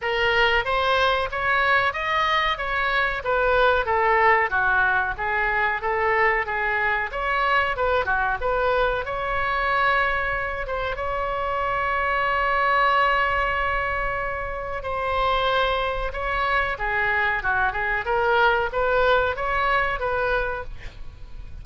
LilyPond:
\new Staff \with { instrumentName = "oboe" } { \time 4/4 \tempo 4 = 93 ais'4 c''4 cis''4 dis''4 | cis''4 b'4 a'4 fis'4 | gis'4 a'4 gis'4 cis''4 | b'8 fis'8 b'4 cis''2~ |
cis''8 c''8 cis''2.~ | cis''2. c''4~ | c''4 cis''4 gis'4 fis'8 gis'8 | ais'4 b'4 cis''4 b'4 | }